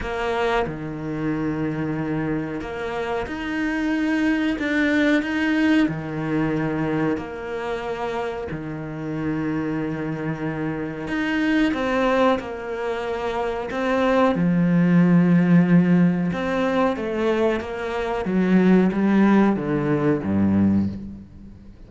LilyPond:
\new Staff \with { instrumentName = "cello" } { \time 4/4 \tempo 4 = 92 ais4 dis2. | ais4 dis'2 d'4 | dis'4 dis2 ais4~ | ais4 dis2.~ |
dis4 dis'4 c'4 ais4~ | ais4 c'4 f2~ | f4 c'4 a4 ais4 | fis4 g4 d4 g,4 | }